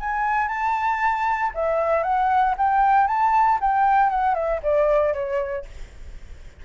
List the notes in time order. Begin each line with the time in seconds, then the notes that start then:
0.00 G#5
0.48 A5
1.54 E5
2.03 F#5
2.58 G5
3.07 A5
3.61 G5
4.10 F#5
4.35 E5
4.63 D5
5.14 C#5